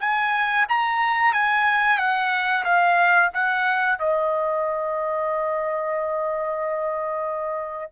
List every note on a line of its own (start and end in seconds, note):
0.00 0.66 G#5
0.69 1.33 A#5
1.33 1.98 G#5
1.98 2.64 F#5
2.64 3.30 F5
3.34 3.99 F#5
3.99 7.92 D#5